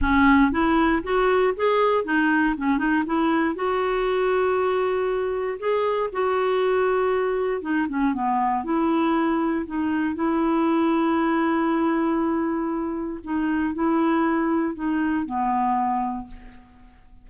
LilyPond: \new Staff \with { instrumentName = "clarinet" } { \time 4/4 \tempo 4 = 118 cis'4 e'4 fis'4 gis'4 | dis'4 cis'8 dis'8 e'4 fis'4~ | fis'2. gis'4 | fis'2. dis'8 cis'8 |
b4 e'2 dis'4 | e'1~ | e'2 dis'4 e'4~ | e'4 dis'4 b2 | }